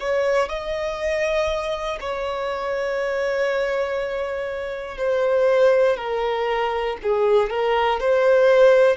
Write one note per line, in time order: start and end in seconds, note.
0.00 0.49 C#5
0.49 1.99 D#5
2.01 4.98 C#5
4.98 5.97 C5
5.97 6.97 A#4
7.03 7.50 G#4
7.50 8.00 A#4
8.00 8.97 C5